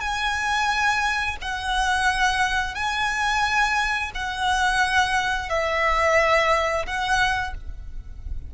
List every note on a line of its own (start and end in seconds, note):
0.00 1.36 G#5
1.41 2.74 F#5
2.74 4.10 G#5
4.14 5.49 F#5
5.49 6.85 E5
6.86 7.54 F#5